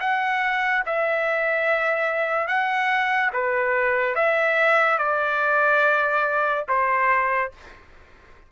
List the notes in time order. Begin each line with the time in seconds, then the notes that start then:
0.00 F#5
0.86 E5
2.47 F#5
3.33 B4
4.15 E5
4.98 D5
6.68 C5